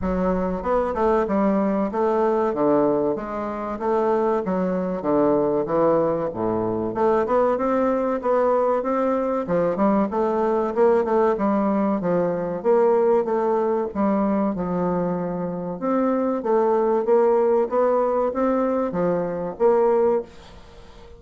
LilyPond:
\new Staff \with { instrumentName = "bassoon" } { \time 4/4 \tempo 4 = 95 fis4 b8 a8 g4 a4 | d4 gis4 a4 fis4 | d4 e4 a,4 a8 b8 | c'4 b4 c'4 f8 g8 |
a4 ais8 a8 g4 f4 | ais4 a4 g4 f4~ | f4 c'4 a4 ais4 | b4 c'4 f4 ais4 | }